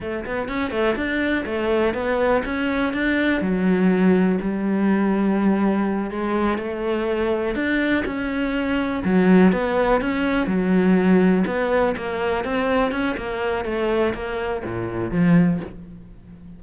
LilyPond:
\new Staff \with { instrumentName = "cello" } { \time 4/4 \tempo 4 = 123 a8 b8 cis'8 a8 d'4 a4 | b4 cis'4 d'4 fis4~ | fis4 g2.~ | g8 gis4 a2 d'8~ |
d'8 cis'2 fis4 b8~ | b8 cis'4 fis2 b8~ | b8 ais4 c'4 cis'8 ais4 | a4 ais4 ais,4 f4 | }